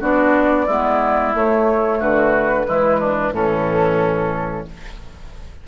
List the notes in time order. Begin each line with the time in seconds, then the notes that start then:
0.00 B3 D4 F#4 D5
0.66 G#3 B3 E4
1.34 A3 C#5
1.99 D3 F#4 B4
2.65 E3 G#3 E4
3.00 D4
3.32 A2 E3 C#4 A4